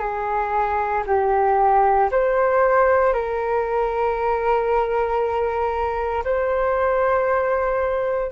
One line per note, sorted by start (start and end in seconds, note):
0.00 1.03 G#4
1.07 2.10 G4
2.12 3.13 C5
3.13 6.24 A#4
6.25 8.32 C5